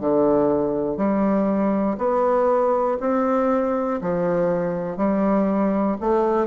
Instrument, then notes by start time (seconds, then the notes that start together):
bassoon
0.00 D3
0.97 G3
1.98 B3
3.00 C4
4.01 F3
4.97 G3
6.01 A3